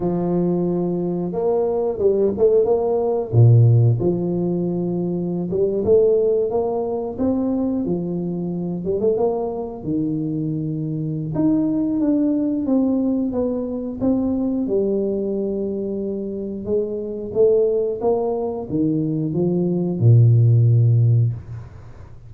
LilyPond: \new Staff \with { instrumentName = "tuba" } { \time 4/4 \tempo 4 = 90 f2 ais4 g8 a8 | ais4 ais,4 f2~ | f16 g8 a4 ais4 c'4 f16~ | f4~ f16 g16 a16 ais4 dis4~ dis16~ |
dis4 dis'4 d'4 c'4 | b4 c'4 g2~ | g4 gis4 a4 ais4 | dis4 f4 ais,2 | }